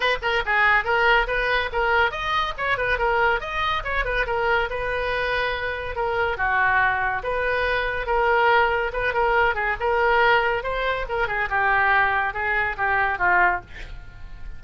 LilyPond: \new Staff \with { instrumentName = "oboe" } { \time 4/4 \tempo 4 = 141 b'8 ais'8 gis'4 ais'4 b'4 | ais'4 dis''4 cis''8 b'8 ais'4 | dis''4 cis''8 b'8 ais'4 b'4~ | b'2 ais'4 fis'4~ |
fis'4 b'2 ais'4~ | ais'4 b'8 ais'4 gis'8 ais'4~ | ais'4 c''4 ais'8 gis'8 g'4~ | g'4 gis'4 g'4 f'4 | }